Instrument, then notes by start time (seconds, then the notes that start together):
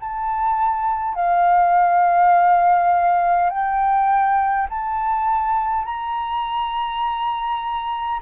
flute
0.00 A5
1.15 F5
3.50 G5
4.70 A5
5.86 A#5